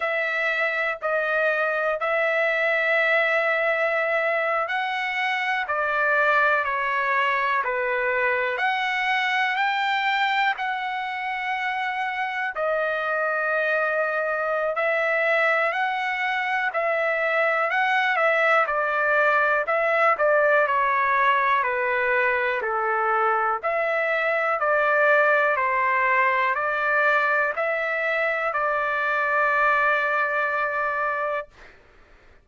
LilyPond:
\new Staff \with { instrumentName = "trumpet" } { \time 4/4 \tempo 4 = 61 e''4 dis''4 e''2~ | e''8. fis''4 d''4 cis''4 b'16~ | b'8. fis''4 g''4 fis''4~ fis''16~ | fis''8. dis''2~ dis''16 e''4 |
fis''4 e''4 fis''8 e''8 d''4 | e''8 d''8 cis''4 b'4 a'4 | e''4 d''4 c''4 d''4 | e''4 d''2. | }